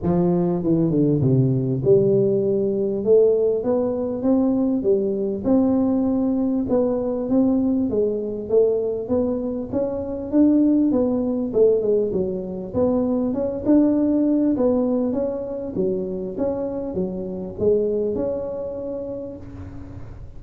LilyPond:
\new Staff \with { instrumentName = "tuba" } { \time 4/4 \tempo 4 = 99 f4 e8 d8 c4 g4~ | g4 a4 b4 c'4 | g4 c'2 b4 | c'4 gis4 a4 b4 |
cis'4 d'4 b4 a8 gis8 | fis4 b4 cis'8 d'4. | b4 cis'4 fis4 cis'4 | fis4 gis4 cis'2 | }